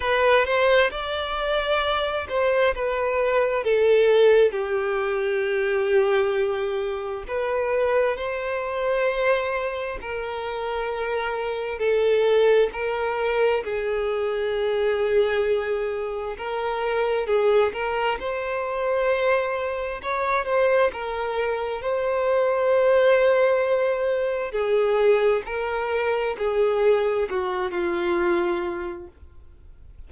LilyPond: \new Staff \with { instrumentName = "violin" } { \time 4/4 \tempo 4 = 66 b'8 c''8 d''4. c''8 b'4 | a'4 g'2. | b'4 c''2 ais'4~ | ais'4 a'4 ais'4 gis'4~ |
gis'2 ais'4 gis'8 ais'8 | c''2 cis''8 c''8 ais'4 | c''2. gis'4 | ais'4 gis'4 fis'8 f'4. | }